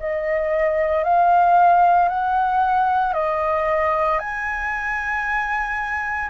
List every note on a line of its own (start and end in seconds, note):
0.00 1.04 D#5
1.04 2.09 F5
2.09 3.14 F#5
3.14 4.19 D#5
4.19 6.30 G#5